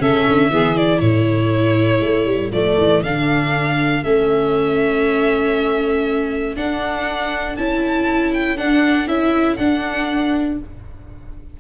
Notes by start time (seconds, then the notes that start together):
0.00 C#3 C#4 A4 E5
0.28 D3
0.50 E3 B3 G#4
0.76 E4 D5
1.00 A2 A4 C#5
2.01 A3
2.26 G3
2.52 F3 A3 D5
2.78 E3
3.03 D3 D4 F5
4.04 A3 C#4 E5
6.57 D4 F#5
7.57 C#4 E4 A5
8.34 G5
8.57 D4 F#5
9.07 C#4 E4 E5
9.57 D4 F#5